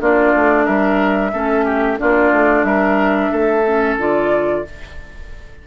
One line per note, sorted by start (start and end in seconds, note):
0.00 0.33 A#3
0.00 1.32 D4
0.00 0.65 F4
0.00 0.66 D5
0.35 0.67 A3
0.65 1.33 G3
0.65 1.31 A#4
0.65 1.98 E5
1.32 1.99 A3
1.32 1.97 C#4
1.32 1.65 A4
1.65 1.98 G4
1.97 2.32 A#3
1.97 3.62 D4
1.97 2.66 F4
1.97 2.64 D5
2.32 2.63 A3
2.63 3.29 G3
2.63 3.31 A#4
2.63 3.96 E5
3.31 3.97 A3
3.31 4.63 A4
3.67 3.99 C#4
3.97 4.63 D3
3.97 4.65 F4
3.97 4.67 D5